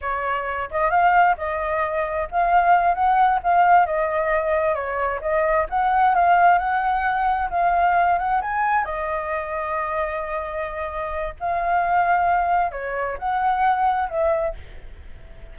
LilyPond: \new Staff \with { instrumentName = "flute" } { \time 4/4 \tempo 4 = 132 cis''4. dis''8 f''4 dis''4~ | dis''4 f''4. fis''4 f''8~ | f''8 dis''2 cis''4 dis''8~ | dis''8 fis''4 f''4 fis''4.~ |
fis''8 f''4. fis''8 gis''4 dis''8~ | dis''1~ | dis''4 f''2. | cis''4 fis''2 e''4 | }